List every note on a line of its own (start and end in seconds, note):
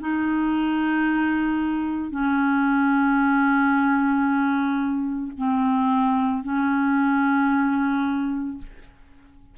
0.00 2.10 D#4
2.10 5.32 C#4
5.37 6.43 C4
6.43 8.57 C#4